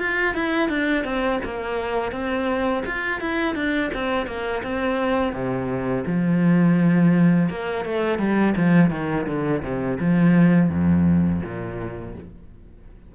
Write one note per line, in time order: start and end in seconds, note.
0.00 0.35 F4
0.35 0.69 E4
0.69 1.05 D4
1.05 1.40 C4
1.45 2.12 A#3
2.12 2.84 C4
2.86 3.21 F4
3.21 3.56 E4
3.56 3.91 D4
3.94 4.27 C4
4.27 4.63 A#3
4.64 5.33 C4
5.33 6.05 C3
6.07 7.50 F3
7.50 7.85 A#3
7.85 8.19 A3
8.19 8.55 G3
8.57 8.91 F3
8.91 9.27 D#3
9.27 9.63 D3
9.63 9.99 C3
10.00 10.70 F3
10.70 11.42 F2
11.44 12.16 A#2